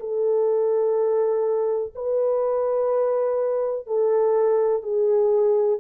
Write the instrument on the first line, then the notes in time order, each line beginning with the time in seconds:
horn
0.00 A4
1.95 B4
3.87 A4
4.83 G#4